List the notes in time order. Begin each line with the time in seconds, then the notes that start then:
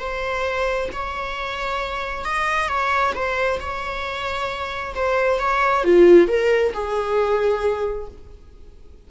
0.00 C5
0.93 C#5
2.25 D#5
2.69 C#5
3.15 C5
3.60 C#5
4.95 C5
5.39 C#5
5.84 F4
6.28 A#4
6.74 G#4